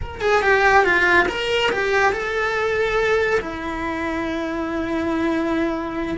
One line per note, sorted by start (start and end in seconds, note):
0.01 0.21 A#4
0.21 0.42 G#4
0.42 0.84 G4
0.84 1.26 F4
1.28 1.70 A#4
1.71 2.12 G4
2.12 3.40 A4
3.40 6.17 E4